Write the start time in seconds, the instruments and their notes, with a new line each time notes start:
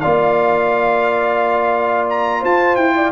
0.00 tuba A#3, trombone F4, horn D5, trumpet F5
2.09 trumpet A#5
2.40 tuba F4, horn C5, trumpet A5
2.76 tuba E4, trumpet G5
2.96 horn D5